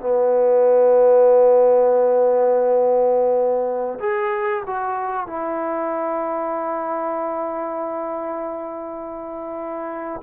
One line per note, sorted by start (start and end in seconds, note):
0.00 3.99 B3
4.00 4.64 G#4
4.67 5.27 F#4
5.27 10.22 E4